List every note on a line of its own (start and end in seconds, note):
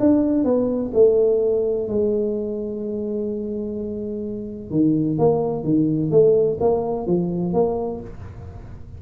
0.00 0.44 D4
0.44 0.91 B3
0.94 1.88 A3
1.88 4.71 G#3
4.71 5.18 D#3
5.18 5.64 A#3
5.64 6.11 D#3
6.11 6.58 A3
6.60 7.07 A#3
7.07 7.54 F3
7.54 8.01 A#3